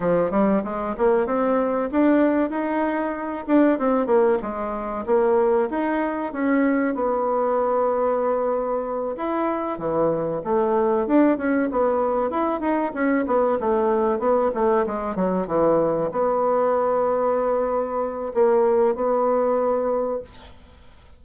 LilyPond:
\new Staff \with { instrumentName = "bassoon" } { \time 4/4 \tempo 4 = 95 f8 g8 gis8 ais8 c'4 d'4 | dis'4. d'8 c'8 ais8 gis4 | ais4 dis'4 cis'4 b4~ | b2~ b8 e'4 e8~ |
e8 a4 d'8 cis'8 b4 e'8 | dis'8 cis'8 b8 a4 b8 a8 gis8 | fis8 e4 b2~ b8~ | b4 ais4 b2 | }